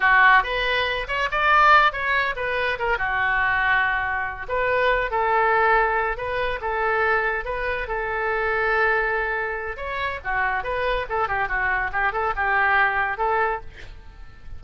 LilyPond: \new Staff \with { instrumentName = "oboe" } { \time 4/4 \tempo 4 = 141 fis'4 b'4. cis''8 d''4~ | d''8 cis''4 b'4 ais'8 fis'4~ | fis'2~ fis'8 b'4. | a'2~ a'8 b'4 a'8~ |
a'4. b'4 a'4.~ | a'2. cis''4 | fis'4 b'4 a'8 g'8 fis'4 | g'8 a'8 g'2 a'4 | }